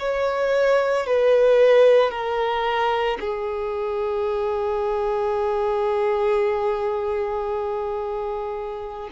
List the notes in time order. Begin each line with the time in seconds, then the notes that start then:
0.00 C#5
1.07 B4
2.11 A#4
3.21 G#4